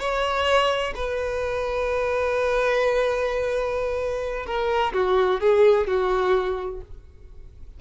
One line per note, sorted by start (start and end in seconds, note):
0.00 0.94 C#5
0.96 4.46 B4
4.46 4.93 A#4
4.94 5.41 F#4
5.41 5.87 G#4
5.87 6.81 F#4